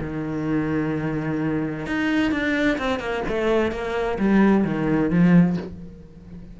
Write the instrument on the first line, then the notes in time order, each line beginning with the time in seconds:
cello
0.00 D#3
1.86 D#4
2.32 D4
2.78 C4
3.00 A#3
3.28 A3
3.71 A#3
4.19 G3
4.64 D#3
5.10 F3